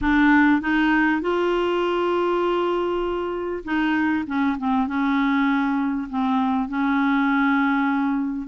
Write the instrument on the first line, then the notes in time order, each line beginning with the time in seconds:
clarinet
0.01 D4
0.61 D#4
1.21 F4
3.64 D#4
4.26 C#4
4.58 C4
4.87 C#4
6.09 C4
6.68 C#4